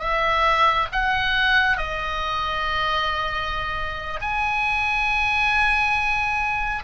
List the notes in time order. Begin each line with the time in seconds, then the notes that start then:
0.00 E5
0.93 F#5
1.78 D#5
4.21 G#5